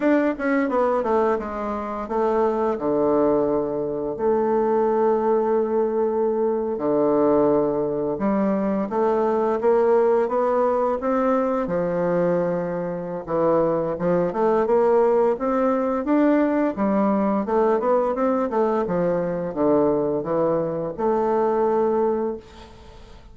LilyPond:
\new Staff \with { instrumentName = "bassoon" } { \time 4/4 \tempo 4 = 86 d'8 cis'8 b8 a8 gis4 a4 | d2 a2~ | a4.~ a16 d2 g16~ | g8. a4 ais4 b4 c'16~ |
c'8. f2~ f16 e4 | f8 a8 ais4 c'4 d'4 | g4 a8 b8 c'8 a8 f4 | d4 e4 a2 | }